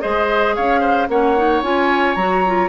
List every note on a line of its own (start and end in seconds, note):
0.00 0.57 G#3
0.00 1.07 G#4
0.00 0.55 C5
0.00 0.54 D#5
0.55 1.08 C#4
0.55 0.80 C#5
0.55 1.08 F5
0.80 1.07 C5
1.08 1.62 A#3
1.08 1.36 C#4
1.08 2.69 C#5
1.08 1.63 F#5
1.36 1.63 D#4
1.62 2.16 C#4
1.62 2.16 F4
1.62 2.15 G#5
2.15 2.69 F#3
2.15 2.44 F#4
2.15 2.69 A#5
2.46 2.69 F4